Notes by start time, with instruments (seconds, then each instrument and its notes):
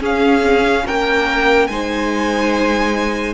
0.00 viola C#4, cello C#4, violin G#4 F5
0.42 viola C4
0.67 viola C#4
0.86 cello A#3, violin A#4 G5
1.68 cello G#3, viola D#4, violin C5 G#5